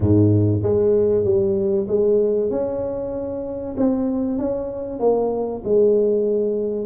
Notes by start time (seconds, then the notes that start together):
0.00 G#2
0.62 G#3
1.24 G3
1.88 G#3
2.50 C#4
3.77 C4
4.38 C#4
4.99 A#3
5.64 G#3